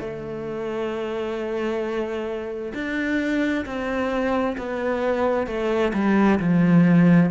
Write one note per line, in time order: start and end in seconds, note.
0.00 2.73 A3
2.74 3.65 D4
3.65 4.56 C4
4.57 5.47 B3
5.47 5.92 A3
5.93 6.39 G3
6.39 7.30 F3